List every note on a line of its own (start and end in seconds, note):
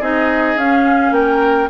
0.00 0.56 C4
0.00 0.58 D#4
0.00 1.13 G#4
0.00 0.58 D#5
0.56 1.11 C#4
0.56 1.70 C#4
0.56 1.13 F5
1.11 1.68 A#3
1.11 1.70 A#4
1.11 1.70 G5